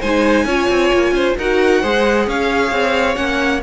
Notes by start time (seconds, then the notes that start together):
0.00 G#3 D#4 C5 G#5
0.44 C#4 F4 C#5
0.69 C4
0.92 A#3
1.11 C#4 C5
1.37 D#4 F#4 A#4 F#5
1.81 G#3 G#4 C5
2.27 C#4 C#5 F5
2.71 C4
3.15 A#3 C#4 F#5